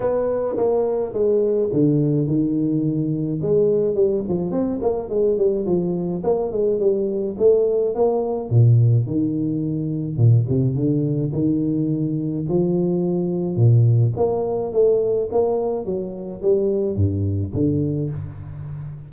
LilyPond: \new Staff \with { instrumentName = "tuba" } { \time 4/4 \tempo 4 = 106 b4 ais4 gis4 d4 | dis2 gis4 g8 f8 | c'8 ais8 gis8 g8 f4 ais8 gis8 | g4 a4 ais4 ais,4 |
dis2 ais,8 c8 d4 | dis2 f2 | ais,4 ais4 a4 ais4 | fis4 g4 g,4 d4 | }